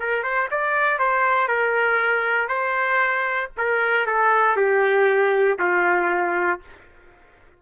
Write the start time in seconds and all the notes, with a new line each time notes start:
0.00 A#4
0.23 C5
0.51 D5
0.99 C5
1.48 A#4
2.49 C5
3.57 A#4
4.07 A4
4.57 G4
5.59 F4